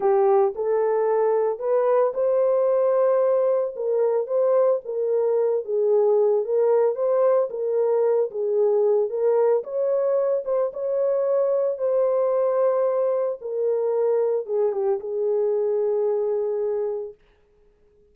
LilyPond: \new Staff \with { instrumentName = "horn" } { \time 4/4 \tempo 4 = 112 g'4 a'2 b'4 | c''2. ais'4 | c''4 ais'4. gis'4. | ais'4 c''4 ais'4. gis'8~ |
gis'4 ais'4 cis''4. c''8 | cis''2 c''2~ | c''4 ais'2 gis'8 g'8 | gis'1 | }